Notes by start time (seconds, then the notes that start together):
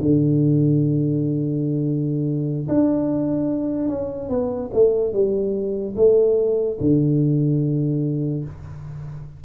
0.00 D3
2.68 D4
3.88 C#4
4.29 B3
4.73 A3
5.12 G3
5.96 A3
6.80 D3